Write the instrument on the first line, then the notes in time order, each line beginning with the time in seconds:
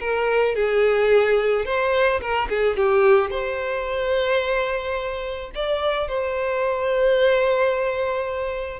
violin
0.00 A#4
0.55 G#4
1.65 C5
2.21 A#4
2.49 G#4
2.76 G4
3.31 C5
5.55 D5
6.08 C5